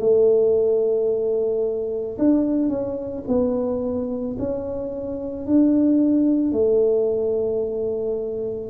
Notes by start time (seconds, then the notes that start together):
0.00 A3
2.19 D4
2.69 C#4
3.28 B3
4.39 C#4
5.47 D4
6.53 A3